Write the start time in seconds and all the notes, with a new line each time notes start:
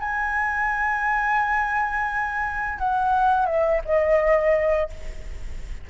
0.00 G#5
2.79 F#5
3.46 E5
3.85 D#5